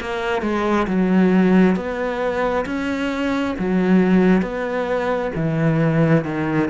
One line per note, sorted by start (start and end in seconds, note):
0.00 0.42 A#3
0.42 0.87 G#3
0.87 1.75 F#3
1.75 2.65 B3
2.65 3.55 C#4
3.58 4.42 F#3
4.42 5.31 B3
5.35 6.24 E3
6.24 6.69 D#3